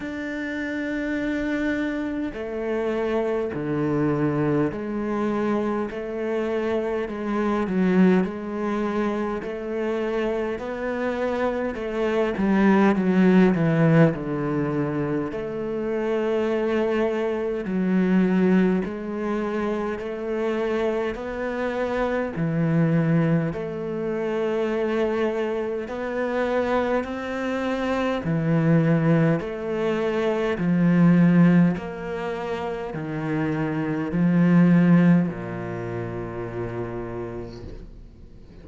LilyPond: \new Staff \with { instrumentName = "cello" } { \time 4/4 \tempo 4 = 51 d'2 a4 d4 | gis4 a4 gis8 fis8 gis4 | a4 b4 a8 g8 fis8 e8 | d4 a2 fis4 |
gis4 a4 b4 e4 | a2 b4 c'4 | e4 a4 f4 ais4 | dis4 f4 ais,2 | }